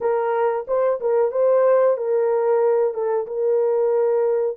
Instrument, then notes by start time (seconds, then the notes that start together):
horn
0.00 A#4
0.67 C5
1.00 A#4
1.31 C5
1.97 A#4
2.93 A4
3.26 A#4